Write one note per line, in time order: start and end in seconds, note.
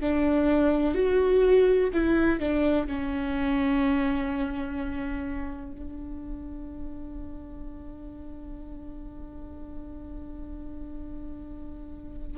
0.00 0.94 D4
0.94 1.90 F#4
1.93 2.39 E4
2.39 2.87 D4
2.87 5.72 C#4
5.72 12.37 D4